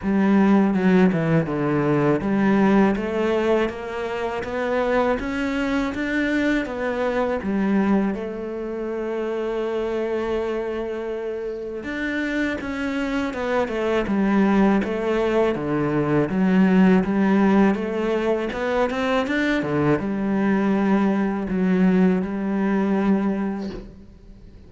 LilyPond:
\new Staff \with { instrumentName = "cello" } { \time 4/4 \tempo 4 = 81 g4 fis8 e8 d4 g4 | a4 ais4 b4 cis'4 | d'4 b4 g4 a4~ | a1 |
d'4 cis'4 b8 a8 g4 | a4 d4 fis4 g4 | a4 b8 c'8 d'8 d8 g4~ | g4 fis4 g2 | }